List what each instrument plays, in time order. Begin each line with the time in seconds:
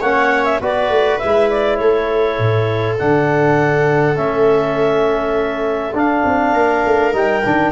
0.00 tuba A#3, trombone C#4, viola C#5, clarinet F#5
0.44 clarinet E5
0.60 tuba B3, trombone F#4, viola B4, clarinet D5
0.89 tuba A3
1.18 tuba G#3, trombone E4, clarinet E5
1.49 clarinet D5
1.76 tuba A3, viola A4, clarinet C#5
2.38 tuba A2
2.98 tuba D3, trombone D4, clarinet F#5
4.15 tuba A3, trombone C#4, clarinet E5
5.93 tuba D4, trombone D4, clarinet F5
6.24 tuba C4
6.53 tuba A#3, viola A#4
6.85 tuba A3
7.12 tuba G3, trombone D#4, clarinet G5
7.45 tuba D#3, trombone D4